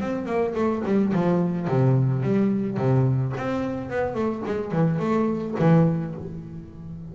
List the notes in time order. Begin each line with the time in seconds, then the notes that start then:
0.00 C4
0.26 A#3
0.55 A3
0.85 G3
1.13 F3
1.67 C3
2.23 G3
2.77 C3
3.37 C4
3.90 B3
4.14 A3
4.46 G#3
4.72 E3
4.99 A3
5.59 E3